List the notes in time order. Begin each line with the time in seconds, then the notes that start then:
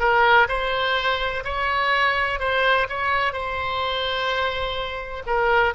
0.00 A#4
0.49 C5
1.45 C#5
2.40 C5
2.90 C#5
3.33 C5
5.27 A#4